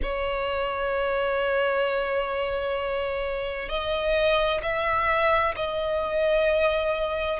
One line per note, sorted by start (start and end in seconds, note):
0.02 3.68 C#5
3.68 4.61 D#5
4.62 5.54 E5
5.56 7.39 D#5